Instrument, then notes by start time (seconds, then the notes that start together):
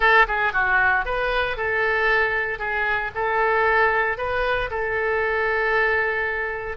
oboe
0.00 A4
0.27 G#4
0.52 F#4
1.05 B4
1.56 A4
2.58 G#4
3.14 A4
4.17 B4
4.70 A4